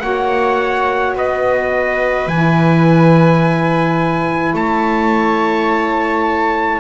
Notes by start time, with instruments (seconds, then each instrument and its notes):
0.00 double bass A#3, saxophone F#4, viola C#5, trumpet F#5
1.15 double bass B3, viola B4, trumpet D#5
2.27 double bass E3, saxophone E4, trumpet G#5
4.54 double bass A3, viola C#5, trumpet A5